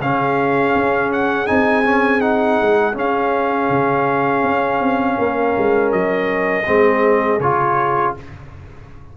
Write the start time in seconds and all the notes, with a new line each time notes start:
0.00 C#3 C#4 G#4 F5
0.75 C#4
1.12 F#5
1.46 C4 D#4 G#5
1.84 C#4
2.20 D#4 F#5
2.61 G#3
2.93 C#4 F5
3.69 C#3
4.43 C#4
4.80 C4
5.18 A#3 A#4
5.58 G#3
5.92 F#3 D#5
6.66 G#3 C4 G#4
7.39 C#3 F4 C#5